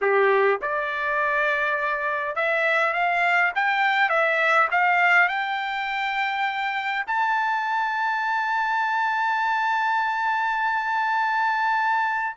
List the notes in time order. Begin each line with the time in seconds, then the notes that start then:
0.01 G4
0.61 D5
2.35 E5
2.93 F5
3.55 G5
4.09 E5
4.71 F5
5.28 G5
7.06 A5